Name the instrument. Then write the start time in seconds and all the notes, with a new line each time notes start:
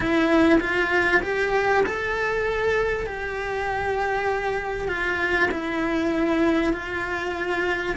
cello
0.00 E4
0.60 F4
1.22 G4
1.85 A4
3.06 G4
4.88 F4
5.51 E4
6.73 F4